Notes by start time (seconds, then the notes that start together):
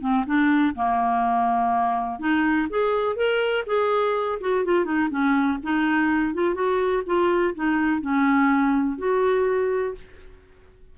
0.00 C4
0.26 D4
0.75 A#3
2.19 D#4
2.69 G#4
3.15 A#4
3.66 G#4
4.40 F#4
4.65 F4
4.84 D#4
5.09 C#4
5.63 D#4
6.33 F4
6.54 F#4
7.05 F4
7.54 D#4
8.01 C#4
8.98 F#4